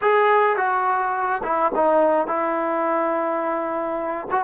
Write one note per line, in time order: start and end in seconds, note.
0.01 0.56 G#4
0.56 1.42 F#4
1.43 1.71 E4
1.75 2.27 D#4
2.27 4.27 E4
4.31 4.43 F#4